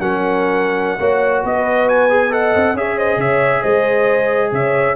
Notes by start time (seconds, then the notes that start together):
0.00 F#3 C#4 A#4 F#5
1.00 A#3 F#4 C#5
1.43 B3 B4 D#5
1.89 G#5
2.10 G#4
2.31 A4 D#5 F#5
2.56 C4
2.74 C#4 G#4 C#5 E5
2.97 C5 D#5
3.17 C#3 C#5 E5
3.62 G#3 C5 D#5
4.52 C#3 C#5 E5